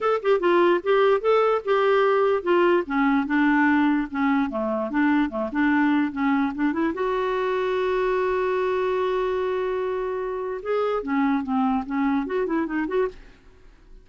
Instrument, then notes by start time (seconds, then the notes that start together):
clarinet
0.00 A4
0.22 G4
0.40 F4
0.83 G4
1.20 A4
1.64 G4
2.42 F4
2.86 C#4
3.26 D4
4.10 C#4
4.50 A3
4.90 D4
5.29 A3
5.52 D4
6.12 C#4
6.55 D4
6.72 E4
6.94 F#4
10.62 G#4
11.02 C#4
11.43 C4
11.86 C#4
12.26 F#4
12.46 E4
12.66 D#4
12.87 F#4